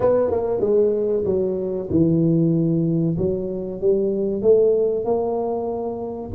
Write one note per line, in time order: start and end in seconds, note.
0.00 0.30 B3
0.30 0.60 A#3
0.60 1.23 G#3
1.25 1.88 F#3
1.90 3.16 E3
3.18 3.80 F#3
3.80 4.42 G3
4.42 5.04 A3
5.04 6.30 A#3